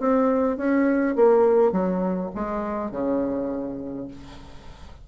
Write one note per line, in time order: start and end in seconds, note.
0.00 0.58 C4
0.58 1.16 C#4
1.16 1.73 A#3
1.73 2.31 F#3
2.35 2.92 G#3
2.92 4.08 C#3